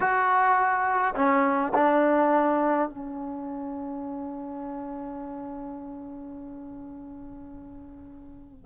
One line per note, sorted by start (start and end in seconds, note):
0.00 1.14 F#4
1.15 1.73 C#4
1.74 2.89 D4
2.89 8.65 C#4